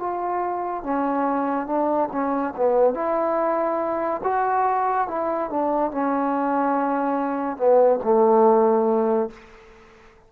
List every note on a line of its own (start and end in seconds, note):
0.00 0.84 F4
0.84 1.67 C#4
1.67 2.09 D4
2.12 2.54 C#4
2.56 2.95 B3
2.95 4.21 E4
4.24 5.08 F#4
5.08 5.50 E4
5.50 5.92 D4
5.92 7.57 C#4
7.57 8.00 B3
8.04 9.30 A3